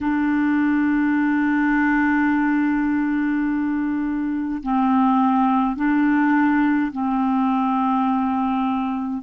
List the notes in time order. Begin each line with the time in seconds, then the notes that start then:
0.01 D4
4.62 C4
5.76 D4
6.92 C4